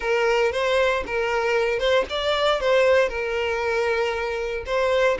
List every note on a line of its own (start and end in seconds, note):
0.00 0.52 A#4
0.52 1.03 C5
1.06 1.79 A#4
1.79 2.05 C5
2.09 2.60 D5
2.60 3.08 C5
3.08 4.64 A#4
4.66 5.17 C5